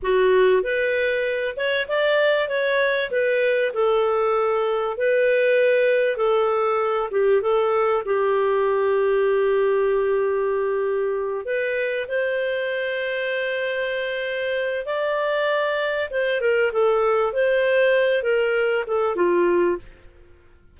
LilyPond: \new Staff \with { instrumentName = "clarinet" } { \time 4/4 \tempo 4 = 97 fis'4 b'4. cis''8 d''4 | cis''4 b'4 a'2 | b'2 a'4. g'8 | a'4 g'2.~ |
g'2~ g'8 b'4 c''8~ | c''1 | d''2 c''8 ais'8 a'4 | c''4. ais'4 a'8 f'4 | }